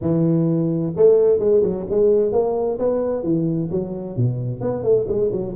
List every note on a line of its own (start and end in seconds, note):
0.01 0.93 E3
0.96 1.39 A3
1.39 1.62 G#3
1.62 1.85 F#3
1.89 2.32 G#3
2.32 2.78 A#3
2.79 3.23 B3
3.23 3.69 E3
3.70 4.16 F#3
4.16 4.60 B2
4.60 4.83 B3
4.83 5.06 A3
5.07 5.31 G#3
5.32 5.55 F#3